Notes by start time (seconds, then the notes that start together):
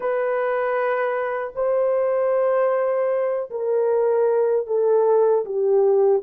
0.00 B4
1.55 C5
3.50 A#4
4.66 A4
5.45 G4